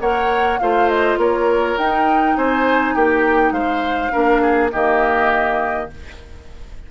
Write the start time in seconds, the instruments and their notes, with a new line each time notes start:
0.00 bassoon A#3, clarinet A#4, oboe C#5, flute F#5
0.59 bassoon A3, clarinet F4, oboe C5, flute F5
0.89 flute D#5
1.17 bassoon A#3, oboe A#4, flute C#5
1.78 bassoon D#4, clarinet D#4, flute G5
2.37 bassoon C4, oboe C5, flute G#5
2.94 bassoon A#3, oboe G4, flute G5
3.51 bassoon G#3, oboe C5, flute F5
4.11 bassoon A#3, clarinet D4, oboe A#4
4.42 oboe G#4
4.72 bassoon D#3, clarinet A#3, oboe G4, flute D#5